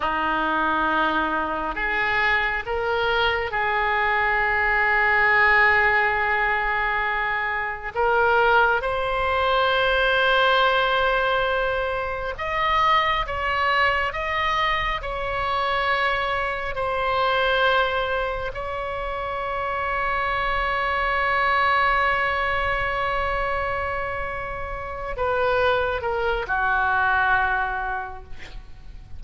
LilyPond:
\new Staff \with { instrumentName = "oboe" } { \time 4/4 \tempo 4 = 68 dis'2 gis'4 ais'4 | gis'1~ | gis'4 ais'4 c''2~ | c''2 dis''4 cis''4 |
dis''4 cis''2 c''4~ | c''4 cis''2.~ | cis''1~ | cis''8 b'4 ais'8 fis'2 | }